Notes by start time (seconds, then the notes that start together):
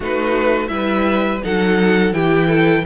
0.00 A3 D#4 F#4 B4
0.68 G3 E4 B4 E5
1.43 F#3 D#4 A4 F#5
2.12 E3 E4 G4 G5
2.47 A4